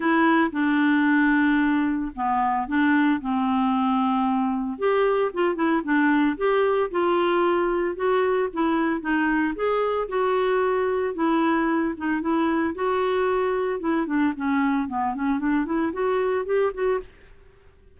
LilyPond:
\new Staff \with { instrumentName = "clarinet" } { \time 4/4 \tempo 4 = 113 e'4 d'2. | b4 d'4 c'2~ | c'4 g'4 f'8 e'8 d'4 | g'4 f'2 fis'4 |
e'4 dis'4 gis'4 fis'4~ | fis'4 e'4. dis'8 e'4 | fis'2 e'8 d'8 cis'4 | b8 cis'8 d'8 e'8 fis'4 g'8 fis'8 | }